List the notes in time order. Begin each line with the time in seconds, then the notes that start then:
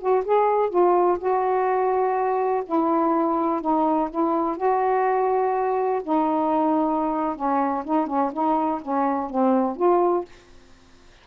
0.00 F#4
0.25 G#4
0.70 F4
1.19 F#4
2.66 E4
3.61 D#4
4.10 E4
4.57 F#4
6.04 D#4
7.35 C#4
7.85 D#4
8.07 C#4
8.33 D#4
8.82 C#4
9.30 C4
9.77 F4